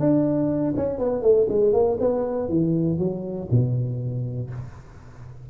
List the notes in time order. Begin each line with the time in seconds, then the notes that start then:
0.00 D4
0.77 C#4
0.99 B3
1.22 A3
1.49 G#3
1.73 A#3
2.00 B3
2.49 E3
2.99 F#3
3.51 B2